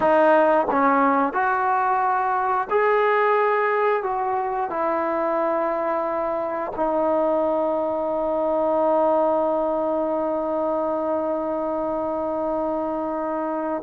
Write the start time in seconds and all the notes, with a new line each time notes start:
0.00 D#4
0.70 C#4
1.33 F#4
2.70 G#4
4.03 F#4
4.69 E4
6.76 D#4